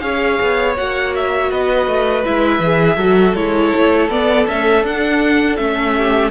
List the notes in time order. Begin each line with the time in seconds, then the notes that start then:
0.00 C#4 G#4 C#5 F5
0.42 B3
0.77 A#3 F#4 F#5
1.16 E5
1.51 B3 B4 D#5
1.87 A3
2.25 G#3 E4 E5
2.60 E3 G#4
2.96 F#3 F#4 A4
3.35 G#3 E4 C#5
3.76 A3
4.09 B3 D5
4.47 A3 C#4 E5
4.83 D4 F#5
5.57 A3 C#4 E5
5.97 G4